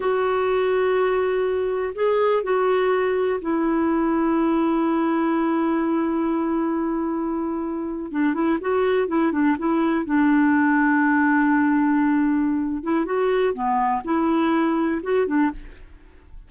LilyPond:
\new Staff \with { instrumentName = "clarinet" } { \time 4/4 \tempo 4 = 124 fis'1 | gis'4 fis'2 e'4~ | e'1~ | e'1~ |
e'8. d'8 e'8 fis'4 e'8 d'8 e'16~ | e'8. d'2.~ d'16~ | d'2~ d'8 e'8 fis'4 | b4 e'2 fis'8 d'8 | }